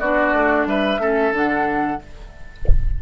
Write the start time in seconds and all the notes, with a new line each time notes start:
0.00 B3 D4 F#4 D5
0.33 A3
0.66 G3 B4 E5
0.98 A3 C#4 A4
1.32 D3 D4 F#5